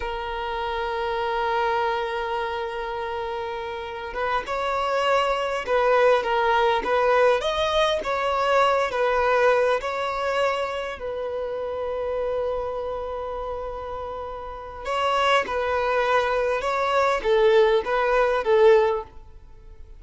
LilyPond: \new Staff \with { instrumentName = "violin" } { \time 4/4 \tempo 4 = 101 ais'1~ | ais'2. b'8 cis''8~ | cis''4. b'4 ais'4 b'8~ | b'8 dis''4 cis''4. b'4~ |
b'8 cis''2 b'4.~ | b'1~ | b'4 cis''4 b'2 | cis''4 a'4 b'4 a'4 | }